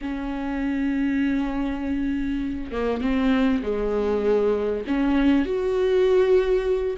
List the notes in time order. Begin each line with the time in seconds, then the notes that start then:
0.01 C#4
2.71 A#3
3.01 C4
3.62 G#3
4.87 C#4
5.45 F#4